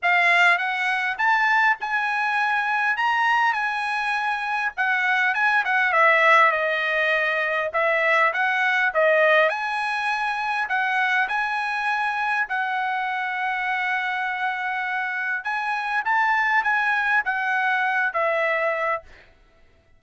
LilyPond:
\new Staff \with { instrumentName = "trumpet" } { \time 4/4 \tempo 4 = 101 f''4 fis''4 a''4 gis''4~ | gis''4 ais''4 gis''2 | fis''4 gis''8 fis''8 e''4 dis''4~ | dis''4 e''4 fis''4 dis''4 |
gis''2 fis''4 gis''4~ | gis''4 fis''2.~ | fis''2 gis''4 a''4 | gis''4 fis''4. e''4. | }